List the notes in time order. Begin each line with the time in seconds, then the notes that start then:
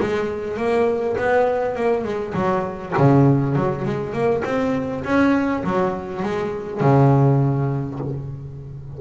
0.00 G#3
0.57 A#3
1.17 B3
1.75 A#3
2.04 G#3
2.34 F#3
2.97 C#3
3.55 F#3
3.85 G#3
4.13 A#3
4.44 C4
5.04 C#4
5.63 F#3
6.22 G#3
6.80 C#3